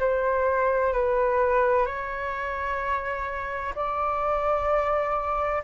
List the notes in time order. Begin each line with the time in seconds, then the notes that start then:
0.00 C5
0.93 B4
1.87 C#5
3.76 D5